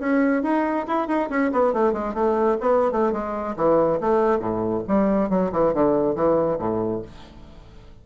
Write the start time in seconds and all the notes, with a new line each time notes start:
0.00 C#4
0.43 D#4
0.87 E4
1.08 D#4
1.30 C#4
1.52 B3
1.74 A3
1.93 G#3
2.14 A3
2.61 B3
2.92 A3
3.13 G#3
3.57 E3
4.01 A3
4.40 A2
4.88 G3
5.30 F#3
5.52 E3
5.74 D3
6.16 E3
6.59 A2